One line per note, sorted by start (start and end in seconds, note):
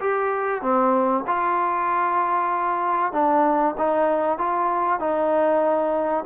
0.00 0.61 G4
0.61 1.24 C4
1.27 3.12 F4
3.12 3.75 D4
3.78 4.38 D#4
4.38 4.99 F4
4.99 6.24 D#4